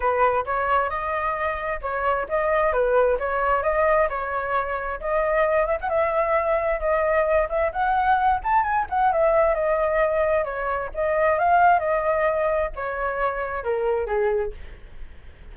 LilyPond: \new Staff \with { instrumentName = "flute" } { \time 4/4 \tempo 4 = 132 b'4 cis''4 dis''2 | cis''4 dis''4 b'4 cis''4 | dis''4 cis''2 dis''4~ | dis''8 e''16 fis''16 e''2 dis''4~ |
dis''8 e''8 fis''4. a''8 gis''8 fis''8 | e''4 dis''2 cis''4 | dis''4 f''4 dis''2 | cis''2 ais'4 gis'4 | }